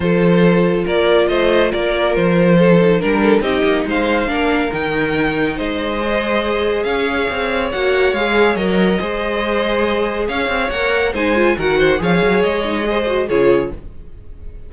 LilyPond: <<
  \new Staff \with { instrumentName = "violin" } { \time 4/4 \tempo 4 = 140 c''2 d''4 dis''4 | d''4 c''2 ais'4 | dis''4 f''2 g''4~ | g''4 dis''2. |
f''2 fis''4 f''4 | dis''1 | f''4 fis''4 gis''4 fis''4 | f''4 dis''2 cis''4 | }
  \new Staff \with { instrumentName = "violin" } { \time 4/4 a'2 ais'4 c''4 | ais'2 a'4 ais'8 a'8 | g'4 c''4 ais'2~ | ais'4 c''2. |
cis''1~ | cis''4 c''2. | cis''2 c''4 ais'8 c''8 | cis''2 c''4 gis'4 | }
  \new Staff \with { instrumentName = "viola" } { \time 4/4 f'1~ | f'2~ f'8 dis'8 d'4 | dis'2 d'4 dis'4~ | dis'2 gis'2~ |
gis'2 fis'4 gis'4 | ais'4 gis'2.~ | gis'4 ais'4 dis'8 f'8 fis'4 | gis'4. dis'8 gis'8 fis'8 f'4 | }
  \new Staff \with { instrumentName = "cello" } { \time 4/4 f2 ais4 a4 | ais4 f2 g4 | c'8 ais8 gis4 ais4 dis4~ | dis4 gis2. |
cis'4 c'4 ais4 gis4 | fis4 gis2. | cis'8 c'8 ais4 gis4 dis4 | f8 fis8 gis2 cis4 | }
>>